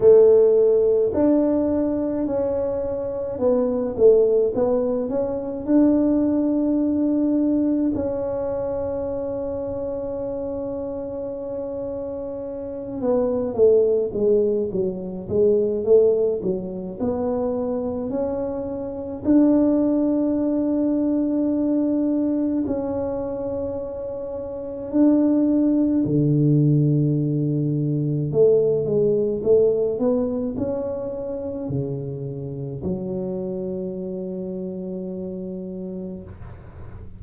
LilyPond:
\new Staff \with { instrumentName = "tuba" } { \time 4/4 \tempo 4 = 53 a4 d'4 cis'4 b8 a8 | b8 cis'8 d'2 cis'4~ | cis'2.~ cis'8 b8 | a8 gis8 fis8 gis8 a8 fis8 b4 |
cis'4 d'2. | cis'2 d'4 d4~ | d4 a8 gis8 a8 b8 cis'4 | cis4 fis2. | }